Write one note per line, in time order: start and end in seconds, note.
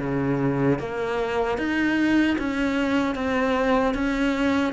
0.00 0.79 C#3
0.79 1.58 A#3
1.58 2.37 D#4
2.39 3.15 C#4
3.15 3.94 C4
3.94 4.73 C#4